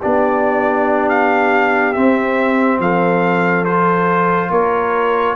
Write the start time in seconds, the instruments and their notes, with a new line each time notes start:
0.00 tuba B3, trombone D4, horn G4, trumpet D5
1.09 trumpet F5
1.93 trombone C4, tuba C4, trumpet E5
2.79 tuba F3, horn A4, trumpet F5
3.64 trombone F4, trumpet C5
4.50 tuba A#3, horn A#4, trumpet C#5